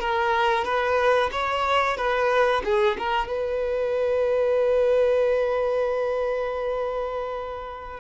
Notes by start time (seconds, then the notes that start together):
0.00 A#4
0.65 B4
1.32 C#5
1.97 B4
2.64 G#4
2.98 A#4
3.28 B4